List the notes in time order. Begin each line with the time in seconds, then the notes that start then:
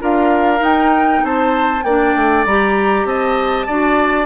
0.00 D4 F4 A#4 F5
0.58 D#4 G5
1.24 C4 C5 A5
1.83 A#3 D4 D5 G5
2.16 A3
2.46 G3 G4 A#5
3.05 C4 D#5 A5
3.67 D4 F#4 D5